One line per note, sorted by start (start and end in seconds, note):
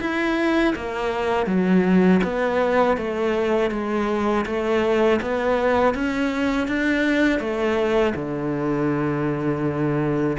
0.00 0.74 E4
0.75 1.46 A#3
1.46 2.20 F#3
2.23 2.97 B3
2.97 3.71 A3
3.71 4.45 G#3
4.45 5.20 A3
5.21 5.94 B3
5.94 6.67 C#4
6.67 7.39 D4
7.39 8.13 A3
8.15 10.37 D3